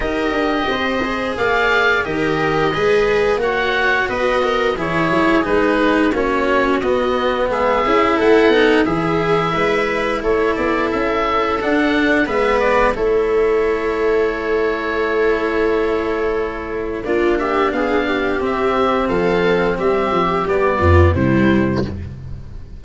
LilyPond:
<<
  \new Staff \with { instrumentName = "oboe" } { \time 4/4 \tempo 4 = 88 dis''2 f''4 dis''4~ | dis''4 fis''4 dis''4 cis''4 | b'4 cis''4 dis''4 e''4 | fis''4 e''2 cis''8 d''8 |
e''4 fis''4 e''8 d''8 cis''4~ | cis''1~ | cis''4 d''8 e''8 f''4 e''4 | f''4 e''4 d''4 c''4 | }
  \new Staff \with { instrumentName = "viola" } { \time 4/4 ais'4 c''4 d''4 ais'4 | b'4 cis''4 b'8 ais'8 gis'4~ | gis'4 fis'2 gis'4 | a'4 gis'4 b'4 a'4~ |
a'2 b'4 a'4~ | a'1~ | a'4 f'8 g'8 gis'8 g'4. | a'4 g'4. f'8 e'4 | }
  \new Staff \with { instrumentName = "cello" } { \time 4/4 g'4. gis'4. g'4 | gis'4 fis'2 e'4 | dis'4 cis'4 b4. e'8~ | e'8 dis'8 e'2.~ |
e'4 d'4 b4 e'4~ | e'1~ | e'4 d'2 c'4~ | c'2 b4 g4 | }
  \new Staff \with { instrumentName = "tuba" } { \time 4/4 dis'8 d'8 c'4 ais4 dis4 | gis4 ais4 b4 e8 fis8 | gis4 ais4 b4 gis8 cis'8 | a8 b8 e4 gis4 a8 b8 |
cis'4 d'4 gis4 a4~ | a1~ | a4 ais4 b4 c'4 | f4 g8 f8 g8 f,8 c4 | }
>>